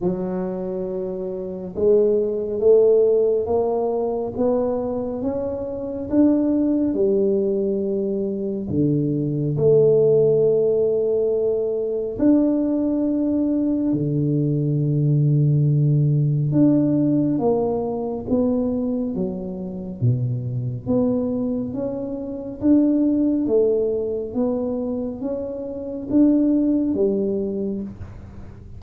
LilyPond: \new Staff \with { instrumentName = "tuba" } { \time 4/4 \tempo 4 = 69 fis2 gis4 a4 | ais4 b4 cis'4 d'4 | g2 d4 a4~ | a2 d'2 |
d2. d'4 | ais4 b4 fis4 b,4 | b4 cis'4 d'4 a4 | b4 cis'4 d'4 g4 | }